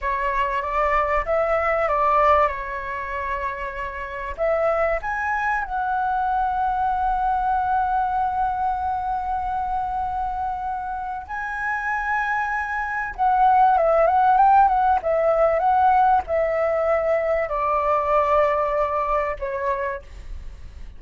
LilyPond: \new Staff \with { instrumentName = "flute" } { \time 4/4 \tempo 4 = 96 cis''4 d''4 e''4 d''4 | cis''2. e''4 | gis''4 fis''2.~ | fis''1~ |
fis''2 gis''2~ | gis''4 fis''4 e''8 fis''8 g''8 fis''8 | e''4 fis''4 e''2 | d''2. cis''4 | }